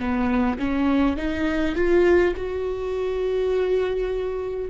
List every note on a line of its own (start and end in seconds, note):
0.00 0.59 B3
0.59 1.17 C#4
1.17 1.76 D#4
1.76 2.35 F4
2.36 4.70 F#4